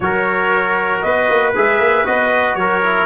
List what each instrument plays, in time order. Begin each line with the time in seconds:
0.00 tuba F#3, trombone F#4, trumpet A#4 C#5
1.01 tuba B3, trumpet B4 D#5
1.29 tuba A#3
1.55 tuba G#3, trombone G#4, trumpet E5
1.79 tuba A#3
2.05 tuba B3, trombone F#4, trumpet D#5
2.54 tuba F#3, trumpet A#4 C#5
2.82 trombone E4